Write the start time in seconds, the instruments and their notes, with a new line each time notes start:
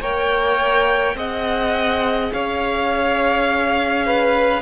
0.00 cello A#3, viola A#4, violin C#5 G5
1.15 cello C4, viola G#4, violin D#5 F#5
2.33 cello C#4, violin C#5 F5
4.06 violin B4